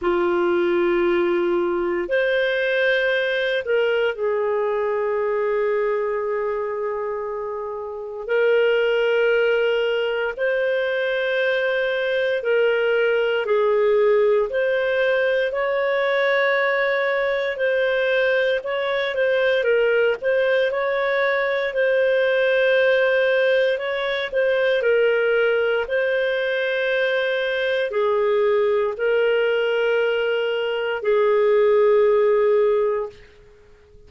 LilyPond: \new Staff \with { instrumentName = "clarinet" } { \time 4/4 \tempo 4 = 58 f'2 c''4. ais'8 | gis'1 | ais'2 c''2 | ais'4 gis'4 c''4 cis''4~ |
cis''4 c''4 cis''8 c''8 ais'8 c''8 | cis''4 c''2 cis''8 c''8 | ais'4 c''2 gis'4 | ais'2 gis'2 | }